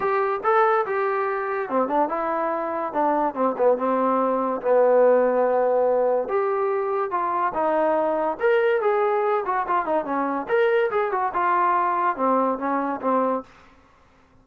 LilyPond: \new Staff \with { instrumentName = "trombone" } { \time 4/4 \tempo 4 = 143 g'4 a'4 g'2 | c'8 d'8 e'2 d'4 | c'8 b8 c'2 b4~ | b2. g'4~ |
g'4 f'4 dis'2 | ais'4 gis'4. fis'8 f'8 dis'8 | cis'4 ais'4 gis'8 fis'8 f'4~ | f'4 c'4 cis'4 c'4 | }